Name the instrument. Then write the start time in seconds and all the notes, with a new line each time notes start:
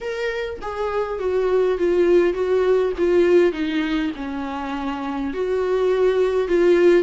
viola
0.00 A#4
0.61 G#4
1.19 F#4
1.78 F4
2.33 F#4
2.97 F4
3.52 D#4
4.16 C#4
5.33 F#4
6.48 F4